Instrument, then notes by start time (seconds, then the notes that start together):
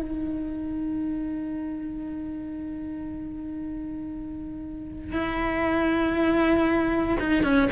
cello
0.00 D#4
5.12 E4
7.19 D#4
7.43 C#4